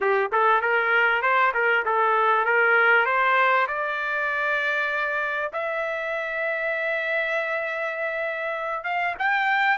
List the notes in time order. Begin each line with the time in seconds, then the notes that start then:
0.00 G4
0.32 A4
0.61 A#4
1.21 C5
1.54 A#4
1.85 A4
2.45 A#4
3.05 C5
3.67 D5
5.52 E5
8.84 F5
9.18 G5